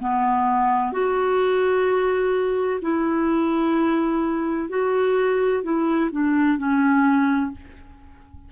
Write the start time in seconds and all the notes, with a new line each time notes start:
0.00 B3
0.92 F#4
2.82 E4
4.69 F#4
5.63 E4
6.12 D4
6.58 C#4